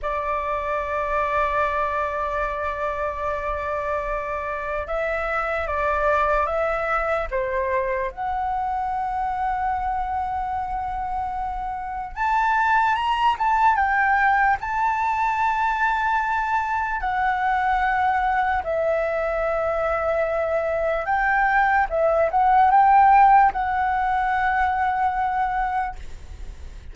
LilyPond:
\new Staff \with { instrumentName = "flute" } { \time 4/4 \tempo 4 = 74 d''1~ | d''2 e''4 d''4 | e''4 c''4 fis''2~ | fis''2. a''4 |
ais''8 a''8 g''4 a''2~ | a''4 fis''2 e''4~ | e''2 g''4 e''8 fis''8 | g''4 fis''2. | }